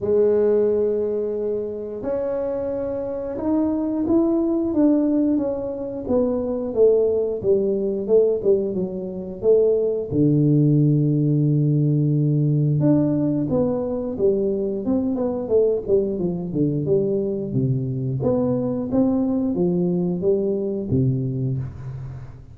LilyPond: \new Staff \with { instrumentName = "tuba" } { \time 4/4 \tempo 4 = 89 gis2. cis'4~ | cis'4 dis'4 e'4 d'4 | cis'4 b4 a4 g4 | a8 g8 fis4 a4 d4~ |
d2. d'4 | b4 g4 c'8 b8 a8 g8 | f8 d8 g4 c4 b4 | c'4 f4 g4 c4 | }